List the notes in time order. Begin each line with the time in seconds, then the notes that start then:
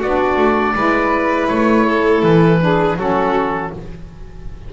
0.00 B3 D4 F#4 D5
0.37 A3
0.75 G#3 E4 B4
1.48 A3 C#5
1.86 A4
2.23 E3 B4
2.60 D4 G#4
2.96 F#3 C#4 F#4 A4